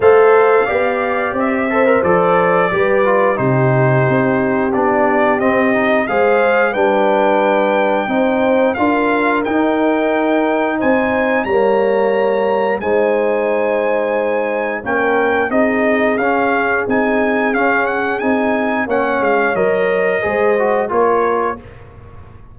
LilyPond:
<<
  \new Staff \with { instrumentName = "trumpet" } { \time 4/4 \tempo 4 = 89 f''2 e''4 d''4~ | d''4 c''2 d''4 | dis''4 f''4 g''2~ | g''4 f''4 g''2 |
gis''4 ais''2 gis''4~ | gis''2 g''4 dis''4 | f''4 gis''4 f''8 fis''8 gis''4 | fis''8 f''8 dis''2 cis''4 | }
  \new Staff \with { instrumentName = "horn" } { \time 4/4 c''4 d''4. c''4. | b'4 g'2.~ | g'4 c''4 b'2 | c''4 ais'2. |
c''4 cis''2 c''4~ | c''2 ais'4 gis'4~ | gis'1 | cis''2 c''4 ais'4 | }
  \new Staff \with { instrumentName = "trombone" } { \time 4/4 a'4 g'4. a'16 ais'16 a'4 | g'8 f'8 dis'2 d'4 | c'8 dis'8 gis'4 d'2 | dis'4 f'4 dis'2~ |
dis'4 ais2 dis'4~ | dis'2 cis'4 dis'4 | cis'4 dis'4 cis'4 dis'4 | cis'4 ais'4 gis'8 fis'8 f'4 | }
  \new Staff \with { instrumentName = "tuba" } { \time 4/4 a4 b4 c'4 f4 | g4 c4 c'4 b4 | c'4 gis4 g2 | c'4 d'4 dis'2 |
c'4 g2 gis4~ | gis2 ais4 c'4 | cis'4 c'4 cis'4 c'4 | ais8 gis8 fis4 gis4 ais4 | }
>>